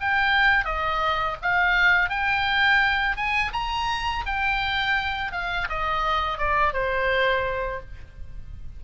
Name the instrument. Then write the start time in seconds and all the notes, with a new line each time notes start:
oboe
0.00 G5
0.65 D#5
1.42 F5
2.09 G5
3.16 G#5
3.53 A#5
4.26 G5
5.32 F5
5.69 D#5
6.38 D5
6.73 C5